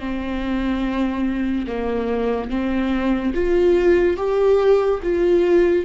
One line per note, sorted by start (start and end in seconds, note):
0.00 1.67 C4
1.67 2.50 A#3
2.50 3.34 C4
3.34 4.17 F4
4.17 5.00 G4
5.03 5.86 F4